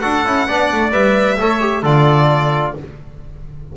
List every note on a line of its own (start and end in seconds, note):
0.00 0.26 D4
0.00 0.26 F#4
0.00 0.47 A4
0.00 0.91 F#5
0.26 0.48 C#4
0.26 0.48 E4
0.48 0.72 B3
0.48 0.92 D4
0.48 1.39 D5
0.72 0.93 A3
0.92 1.38 G3
0.92 1.37 B4
0.92 1.84 E5
1.40 1.83 A3
1.40 1.60 A4
1.40 1.83 C#5
1.60 1.83 G4
1.83 2.74 D3
1.83 2.76 F4
1.83 2.74 A4
1.83 2.77 D5